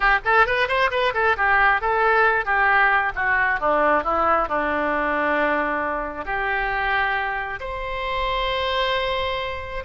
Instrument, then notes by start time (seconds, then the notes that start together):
oboe
0.00 G4
0.24 A4
0.46 B4
0.68 C5
0.91 B4
1.13 A4
1.37 G4
1.81 A4
2.45 G4
3.15 F#4
3.60 D4
4.03 E4
4.48 D4
6.25 G4
7.60 C5